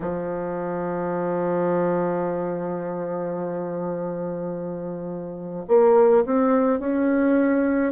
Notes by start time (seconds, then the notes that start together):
0.00 F3
5.68 A#3
6.25 C4
6.79 C#4